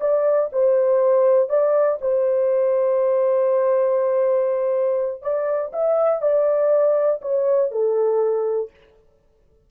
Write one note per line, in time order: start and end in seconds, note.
0.00 0.50 D5
0.52 1.49 C5
1.49 1.98 D5
2.01 5.22 C5
5.22 5.71 D5
5.73 6.21 E5
6.21 7.21 D5
7.21 7.71 C#5
7.71 8.70 A4